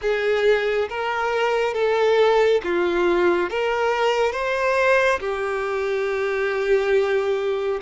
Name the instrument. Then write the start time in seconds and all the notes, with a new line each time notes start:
violin
0.01 G#4
0.89 A#4
1.74 A4
2.63 F4
3.50 A#4
4.32 C5
5.20 G4